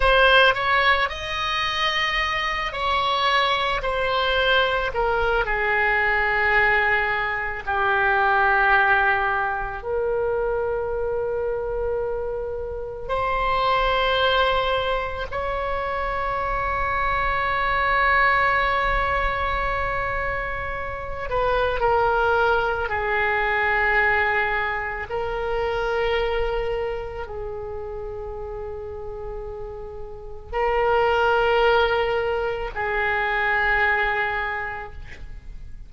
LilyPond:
\new Staff \with { instrumentName = "oboe" } { \time 4/4 \tempo 4 = 55 c''8 cis''8 dis''4. cis''4 c''8~ | c''8 ais'8 gis'2 g'4~ | g'4 ais'2. | c''2 cis''2~ |
cis''2.~ cis''8 b'8 | ais'4 gis'2 ais'4~ | ais'4 gis'2. | ais'2 gis'2 | }